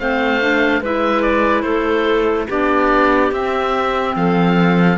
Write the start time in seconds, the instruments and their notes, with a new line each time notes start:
0.00 cello A3, clarinet C4 C5, oboe F5
0.41 clarinet D4
0.81 cello G#3, clarinet E4 B4, oboe E5
1.23 oboe D5
1.62 cello A3, clarinet A4, oboe C5
2.48 cello B3, clarinet D4 G4, oboe D5
3.32 cello C4, clarinet C4, oboe E5
4.16 cello F3, clarinet A4, oboe F5